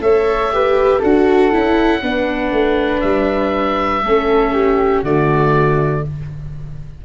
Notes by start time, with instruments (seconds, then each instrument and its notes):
0.00 tuba A3, viola A4, flute C#5, oboe E5
0.53 viola G4, flute B4
0.99 tuba D4, viola F#4, flute A4, oboe F#5
1.52 tuba C#4, viola E4
2.02 tuba B3, viola D4, flute B4
2.52 tuba A3
3.01 tuba G3, oboe E5
4.04 tuba A3, viola C#4, flute A4
4.54 flute G4
5.03 tuba D3, viola A3, flute F#4, oboe D5